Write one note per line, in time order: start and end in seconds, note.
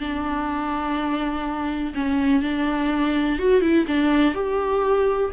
0.00 1.94 D4
1.94 2.42 C#4
2.42 3.39 D4
3.39 3.61 F#4
3.61 3.85 E4
3.87 4.34 D4
4.34 5.31 G4